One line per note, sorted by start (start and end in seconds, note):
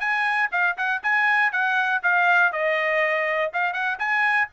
0.00 0.50 G#5
0.52 0.76 F5
0.77 1.02 F#5
1.03 1.52 G#5
1.52 2.02 F#5
2.03 2.52 F5
2.52 3.52 D#5
3.53 3.73 F5
3.73 3.98 F#5
3.99 4.48 G#5